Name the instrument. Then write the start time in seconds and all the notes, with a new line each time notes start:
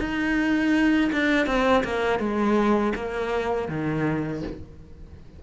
cello
0.00 D#4
1.13 D4
1.47 C4
1.85 A#3
2.19 G#3
2.96 A#3
3.69 D#3